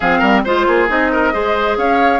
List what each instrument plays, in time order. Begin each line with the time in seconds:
0.00 bassoon F3, clarinet C4, oboe G#4, flute F5
0.18 bassoon G3, oboe A#4
0.43 bassoon G#3, clarinet F4, flute C5, oboe C5
0.67 bassoon A#3, oboe G#4
0.88 bassoon C4, clarinet D#4, flute D#5
1.12 oboe A#4
1.32 bassoon G#3, clarinet G#4, oboe C5
1.77 bassoon C#4, oboe C#5, flute F5